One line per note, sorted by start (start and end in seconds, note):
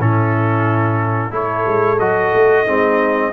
0.00 1.31 A2
0.00 1.31 C#4
0.00 1.32 E4
0.00 1.34 A4
1.31 1.65 A3
1.31 1.97 E4
1.31 2.63 A4
1.31 1.99 C#5
1.67 1.99 G#3
1.99 2.32 F#3
1.99 2.66 F#4
1.99 3.32 D#5
2.34 2.67 A3
2.63 3.33 G#3
2.63 3.33 C4
2.63 3.29 D#4